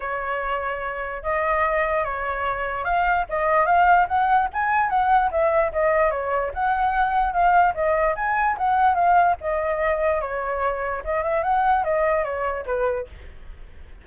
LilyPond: \new Staff \with { instrumentName = "flute" } { \time 4/4 \tempo 4 = 147 cis''2. dis''4~ | dis''4 cis''2 f''4 | dis''4 f''4 fis''4 gis''4 | fis''4 e''4 dis''4 cis''4 |
fis''2 f''4 dis''4 | gis''4 fis''4 f''4 dis''4~ | dis''4 cis''2 dis''8 e''8 | fis''4 dis''4 cis''4 b'4 | }